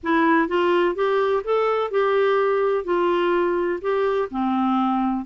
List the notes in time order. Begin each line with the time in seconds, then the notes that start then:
0.03 E4
0.48 F4
0.95 G4
1.44 A4
1.90 G4
2.84 F4
3.81 G4
4.31 C4